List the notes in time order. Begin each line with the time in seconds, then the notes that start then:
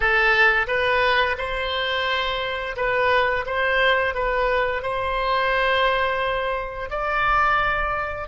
0.00 A4
0.67 B4
1.38 C5
2.76 B4
3.46 C5
4.14 B4
4.82 C5
6.90 D5